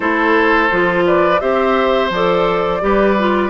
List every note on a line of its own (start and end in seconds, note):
0.00 0.69 A3
0.00 0.70 E4
0.00 1.04 A4
0.00 1.06 C5
0.71 1.41 F3
0.71 1.39 F4
1.06 1.40 B4
1.06 1.40 D5
1.39 2.10 C4
1.39 2.10 G4
1.39 2.81 C5
1.39 2.10 E5
2.10 2.80 F3
2.10 2.81 A4
2.10 3.50 D5
2.81 3.50 G3
2.81 3.16 G4
2.81 3.50 B4
3.18 3.50 F4